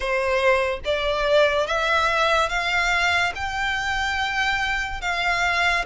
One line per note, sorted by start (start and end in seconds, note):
0.00 0.80 C5
0.84 1.67 D5
1.67 2.49 E5
2.49 3.32 F5
3.35 5.01 G5
5.01 5.84 F5